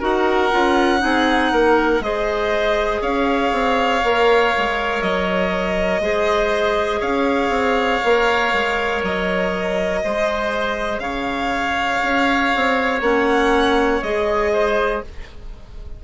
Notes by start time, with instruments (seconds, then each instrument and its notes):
0.00 bassoon D#4, clarinet F#4, oboe A#4, violin F#5
0.51 bassoon C#4, clarinet F4
1.00 bassoon C4, clarinet D#4, oboe G#4
1.52 bassoon A#3, oboe A#4
2.00 bassoon G#3, clarinet G#4, oboe C5, violin D#5
3.01 bassoon C#4, oboe C#5, violin F5
3.52 bassoon C4
4.04 bassoon A#3, clarinet A#4
4.58 bassoon G#3
5.02 bassoon F#3, violin D#5
6.00 bassoon G#3, clarinet G#4, oboe C5
7.00 bassoon C#4, oboe C#5, violin F5
7.50 bassoon C4
8.04 bassoon A#3, clarinet A#4
8.53 bassoon G#3
9.03 bassoon F#3, violin D#5
10.04 bassoon G#3, clarinet G#4, oboe C5
10.99 bassoon C#3, oboe C#5, violin F5
12.03 bassoon C#4
12.56 bassoon C4
13.01 bassoon A#3, clarinet C#4, violin F#5
14.03 bassoon G#3, clarinet G#4, violin D#5
14.53 oboe C5